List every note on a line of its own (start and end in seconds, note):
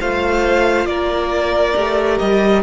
0.00 0.86 A3
0.00 1.76 F4
0.00 0.88 C5
0.00 0.86 F5
0.86 1.74 A#3
0.86 2.63 A#4
0.86 2.19 D5
1.76 2.21 A3
1.76 2.63 G4
2.19 2.63 G3
2.19 2.63 D#5